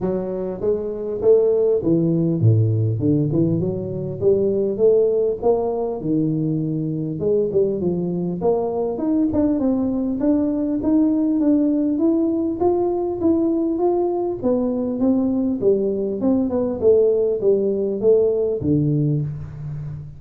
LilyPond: \new Staff \with { instrumentName = "tuba" } { \time 4/4 \tempo 4 = 100 fis4 gis4 a4 e4 | a,4 d8 e8 fis4 g4 | a4 ais4 dis2 | gis8 g8 f4 ais4 dis'8 d'8 |
c'4 d'4 dis'4 d'4 | e'4 f'4 e'4 f'4 | b4 c'4 g4 c'8 b8 | a4 g4 a4 d4 | }